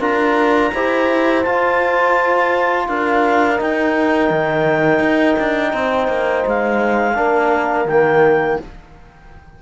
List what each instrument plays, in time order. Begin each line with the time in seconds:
0.00 cello D4, trombone F4, horn A#4, clarinet A#5
0.74 cello E4, trombone G4, horn C5
1.43 trombone F4, cello F4, clarinet A5
2.89 cello D4, horn A#4, clarinet F5
3.57 trombone D#4, cello D#4, clarinet G5
4.31 cello D#3
5.00 cello D#4
5.39 cello D4
5.73 cello C4, horn C5
6.08 cello A#3
6.47 cello G#3, clarinet F5
7.15 cello A#3, trombone D4, horn A#4
7.85 cello D#3, trombone A#3, clarinet G5